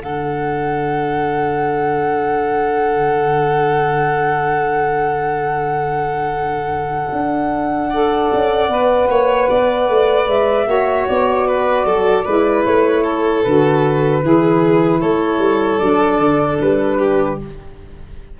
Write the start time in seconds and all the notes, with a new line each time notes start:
0.00 D3 D4 A4 F#5
7.12 D4
7.90 A4 D5
8.34 C#4
8.69 B3 B4
9.09 A#3 C#5
9.49 B3 D5
9.89 A3
10.27 G#3 E5
10.66 A#3 F#4 C#5
11.08 B3 D5
11.47 B4
11.85 F#3 A4
12.25 G#3 E4 B4
12.64 A3 C#5
13.03 A4
13.43 D3 F#4 B4
14.22 E3 E4 G#4
15.00 A3 A4 C#5
15.38 G3
15.78 F#3 D4 D5
16.19 D3
16.61 G3 B4
16.99 G4